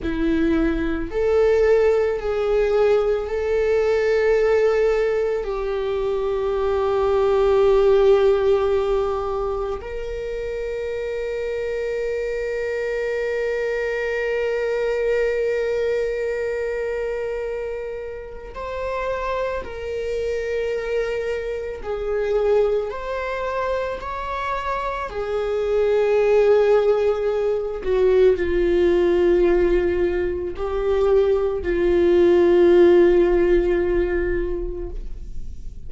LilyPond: \new Staff \with { instrumentName = "viola" } { \time 4/4 \tempo 4 = 55 e'4 a'4 gis'4 a'4~ | a'4 g'2.~ | g'4 ais'2.~ | ais'1~ |
ais'4 c''4 ais'2 | gis'4 c''4 cis''4 gis'4~ | gis'4. fis'8 f'2 | g'4 f'2. | }